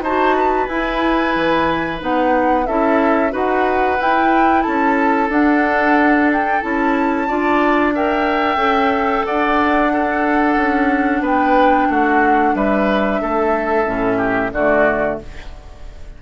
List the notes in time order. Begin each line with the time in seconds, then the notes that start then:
0.00 D#4 F#4 C5 A5
0.35 B4
0.66 E4 G#5
1.35 E3
1.99 B3 D#4 F#5
2.66 C#4 E4 A4 E5
3.31 D#4 F#4 B4 F#5
3.99 E4 G5
4.62 C#4 A4 A5
5.29 D4 F#5
6.32 G5
6.61 C#4 E4 A5
7.28 D4 F4 D5
7.94 A#4 E5 G5
8.56 C#4 A4
9.25 D4 D5 F#5
9.91 D4 A4
10.56 C#4
11.21 B3 B4 G5
11.89 A3 F#4 F#5
12.55 G3 B4 E5
13.21 A3 A4
13.85 A2 C#4
14.17 G4
14.52 D3 A3 F#4 D5